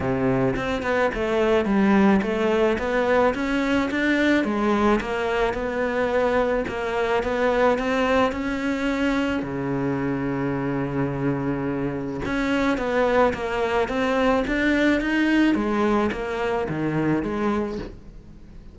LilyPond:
\new Staff \with { instrumentName = "cello" } { \time 4/4 \tempo 4 = 108 c4 c'8 b8 a4 g4 | a4 b4 cis'4 d'4 | gis4 ais4 b2 | ais4 b4 c'4 cis'4~ |
cis'4 cis2.~ | cis2 cis'4 b4 | ais4 c'4 d'4 dis'4 | gis4 ais4 dis4 gis4 | }